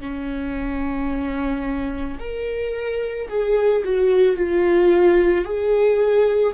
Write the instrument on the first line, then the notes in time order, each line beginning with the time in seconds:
viola
0.00 C#4
2.19 A#4
3.28 G#4
3.84 F#4
4.36 F4
5.44 G#4